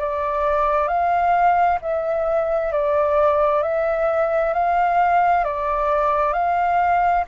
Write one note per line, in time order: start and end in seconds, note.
0.00 0.88 D5
0.88 1.79 F5
1.82 2.73 E5
2.73 3.63 D5
3.63 4.54 E5
4.54 5.45 F5
5.45 6.33 D5
6.33 7.24 F5